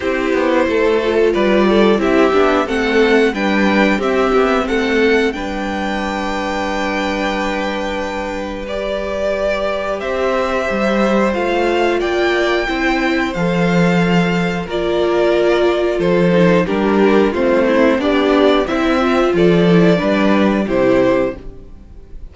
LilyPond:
<<
  \new Staff \with { instrumentName = "violin" } { \time 4/4 \tempo 4 = 90 c''2 d''4 e''4 | fis''4 g''4 e''4 fis''4 | g''1~ | g''4 d''2 e''4~ |
e''4 f''4 g''2 | f''2 d''2 | c''4 ais'4 c''4 d''4 | e''4 d''2 c''4 | }
  \new Staff \with { instrumentName = "violin" } { \time 4/4 g'4 a'4 b'8 a'8 g'4 | a'4 b'4 g'4 a'4 | b'1~ | b'2. c''4~ |
c''2 d''4 c''4~ | c''2 ais'2 | a'4 g'4 f'8 e'8 d'4 | c'4 a'4 b'4 g'4 | }
  \new Staff \with { instrumentName = "viola" } { \time 4/4 e'4. f'4. e'8 d'8 | c'4 d'4 c'2 | d'1~ | d'4 g'2.~ |
g'4 f'2 e'4 | a'2 f'2~ | f'8 dis'8 d'4 c'4 g'4 | e'8 f'4 e'8 d'4 e'4 | }
  \new Staff \with { instrumentName = "cello" } { \time 4/4 c'8 b8 a4 g4 c'8 b8 | a4 g4 c'8 b8 a4 | g1~ | g2. c'4 |
g4 a4 ais4 c'4 | f2 ais2 | f4 g4 a4 b4 | c'4 f4 g4 c4 | }
>>